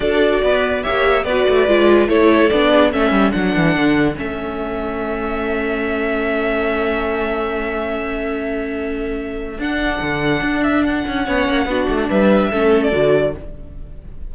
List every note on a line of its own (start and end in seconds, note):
0.00 0.41 D4
0.00 0.83 F#4
0.00 0.42 A4
0.00 0.83 D5
0.43 0.84 B3
0.43 0.83 B4
0.83 1.24 A#3
0.83 1.24 G4
0.83 1.25 C#5
0.83 1.24 E5
1.24 1.45 B3
1.24 1.67 F#4
1.24 2.09 B4
1.24 2.07 D5
1.49 1.67 A3
1.67 2.08 G#3
1.67 2.08 F4
2.08 2.50 A3
2.08 2.49 E4
2.08 2.71 A4
2.08 2.49 C#5
2.49 2.93 B3
2.49 2.92 D4
2.49 2.90 D5
2.71 2.90 G#4
2.90 3.11 A3
2.90 3.31 C#4
2.90 11.24 A4
2.90 3.31 E5
3.11 3.32 G3
3.31 3.55 F#3
3.31 4.15 D4
3.31 4.14 F#5
3.55 3.76 E3
3.76 4.17 D3
4.15 9.58 A3
4.15 9.57 C#4
4.15 9.60 E5
9.58 10.00 D4
9.58 11.26 D4
9.58 10.63 F#5
10.01 10.42 D3
10.42 11.04 D4
10.63 10.84 E5
10.84 12.09 F#5
11.07 11.27 C#4
11.25 11.48 B3
11.25 11.67 C#4
11.25 11.66 C#5
11.48 11.65 A#3
11.65 11.86 B3
11.65 12.52 D4
11.65 12.09 F#4
11.88 12.09 A3
12.09 12.51 G3
12.09 12.50 B4
12.09 12.82 E5
12.50 12.92 A3
12.50 12.91 C#4
12.50 13.33 A4
12.82 13.34 D5
12.91 13.34 D3
12.91 13.33 F#4